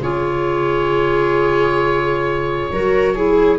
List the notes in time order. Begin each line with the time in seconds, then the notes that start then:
0.00 C#3 F4 G#4 C#5
2.71 F#3 F#4 A#4
3.16 E4 G#4